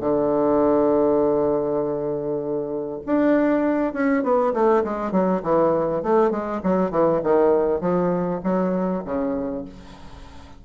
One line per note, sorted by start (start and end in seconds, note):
0.00 3.00 D3
3.06 3.93 D4
3.93 4.23 C#4
4.23 4.53 B3
4.53 4.83 A3
4.84 5.12 G#3
5.12 5.42 F#3
5.42 6.02 E3
6.03 6.31 A3
6.31 6.61 G#3
6.63 6.91 F#3
6.91 7.21 E3
7.23 7.81 D#3
7.81 8.41 F3
8.44 9.04 F#3
9.05 9.65 C#3